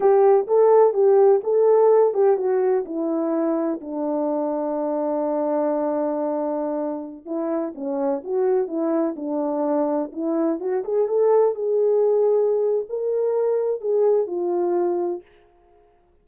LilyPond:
\new Staff \with { instrumentName = "horn" } { \time 4/4 \tempo 4 = 126 g'4 a'4 g'4 a'4~ | a'8 g'8 fis'4 e'2 | d'1~ | d'2.~ d'16 e'8.~ |
e'16 cis'4 fis'4 e'4 d'8.~ | d'4~ d'16 e'4 fis'8 gis'8 a'8.~ | a'16 gis'2~ gis'8. ais'4~ | ais'4 gis'4 f'2 | }